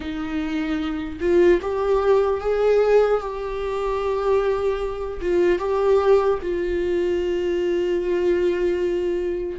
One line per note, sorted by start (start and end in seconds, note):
0.00 1.19 D#4
1.20 1.60 F4
1.61 2.40 G4
2.40 3.20 G#4
3.20 5.20 G4
5.21 5.58 F4
5.58 6.38 G4
6.41 9.59 F4